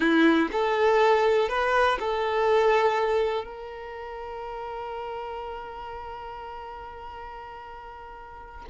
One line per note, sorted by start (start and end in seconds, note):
0.00 0.48 E4
0.52 1.48 A4
1.48 1.98 B4
1.99 3.44 A4
3.44 8.65 A#4